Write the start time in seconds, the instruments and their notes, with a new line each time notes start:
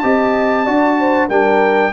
0.00 tuba C4, trombone G4, horn D#5, trumpet A5
0.65 tuba D4, trombone F#4, horn D5
1.00 horn C5
1.28 tuba G3, trombone D4, horn A#4, trumpet G5